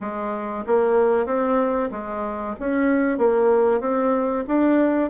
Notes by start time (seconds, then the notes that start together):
0.00 G#3
0.66 A#3
1.26 C4
1.91 G#3
2.59 C#4
3.17 A#3
3.80 C4
4.47 D4